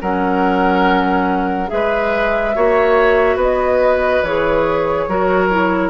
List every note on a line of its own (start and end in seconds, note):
0.00 1.71 F#3
0.00 1.68 C#4
0.00 1.70 A#4
0.00 1.70 F#5
1.68 2.56 G#3
1.68 2.52 G#4
1.68 3.39 E5
1.74 2.56 B4
2.55 3.36 A#3
2.55 4.24 F#4
2.55 3.37 C#5
3.36 4.21 B3
3.36 5.06 B4
3.36 4.24 D#5
4.22 5.07 E3
4.22 5.10 G#4
4.22 5.90 C#5
5.08 5.90 F#3
5.08 5.51 F#4
5.08 5.90 A#4
5.51 5.90 E4